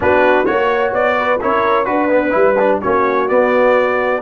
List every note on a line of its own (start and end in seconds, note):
0.00 0.48 B3
0.00 0.45 D4
0.00 0.47 F#4
0.00 0.45 B4
0.45 0.93 A#3
0.45 1.39 F#4
0.45 0.92 C#5
0.45 1.17 C#5
0.93 1.39 B3
0.93 1.40 D5
1.19 1.41 B4
1.40 1.87 C#4
1.40 1.85 E4
1.40 1.88 A#4
1.40 1.85 C#5
1.85 2.34 D4
1.85 2.08 F#4
1.85 2.78 B4
1.85 2.80 B4
2.09 2.30 B3
2.30 2.81 G3
2.30 2.53 E4
2.58 2.81 D4
2.80 3.30 A#3
2.80 3.28 C#4
2.80 4.21 F#4
2.80 3.28 C#5
3.28 4.21 B3
3.28 4.21 D5